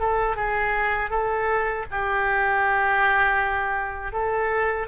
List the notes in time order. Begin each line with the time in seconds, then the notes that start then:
0.00 A4
0.36 G#4
1.10 A4
1.92 G4
4.13 A4